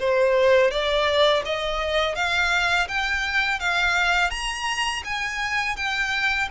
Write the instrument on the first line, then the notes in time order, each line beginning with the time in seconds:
violin
0.00 C5
0.71 D5
1.46 D#5
2.16 F5
2.88 G5
3.60 F5
4.31 A#5
5.05 G#5
5.77 G5